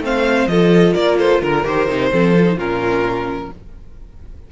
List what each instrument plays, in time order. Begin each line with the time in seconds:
0.00 cello A3, viola C4, violin C5
0.06 violin F5
0.48 cello F3, viola F4, violin A4 D#5
0.94 cello A#3, violin A#4 D5
1.18 violin A4 C5
1.42 cello D3, violin A#4
1.65 cello D#3, viola G4, violin C5
1.88 cello C3, viola D#4
2.11 cello F3, viola C4, violin A4
2.37 viola F4
2.45 viola D#4
2.57 cello A#2, viola C#4, violin F4 A#4